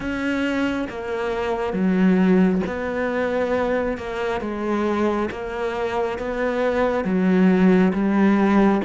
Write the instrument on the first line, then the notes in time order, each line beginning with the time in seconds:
cello
0.00 C#4
0.89 A#3
1.72 F#3
2.67 B3
3.97 A#3
4.40 G#3
5.30 A#3
6.18 B3
7.04 F#3
7.93 G3